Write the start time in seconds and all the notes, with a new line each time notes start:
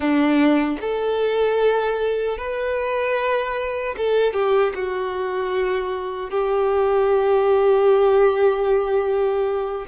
0.00 D4
0.80 A4
2.37 B4
3.97 A4
4.33 G4
4.74 F#4
6.30 G4